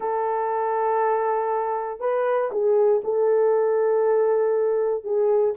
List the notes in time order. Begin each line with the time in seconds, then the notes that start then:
0.00 A4
2.00 B4
2.51 G#4
3.04 A4
5.04 G#4